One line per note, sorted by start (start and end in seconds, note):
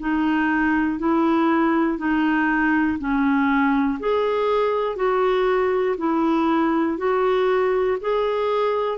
0.00 0.99 D#4
0.99 1.98 E4
1.98 2.98 D#4
2.99 3.99 C#4
4.00 4.96 G#4
4.96 5.96 F#4
5.98 6.98 E4
6.98 7.98 F#4
8.01 8.98 G#4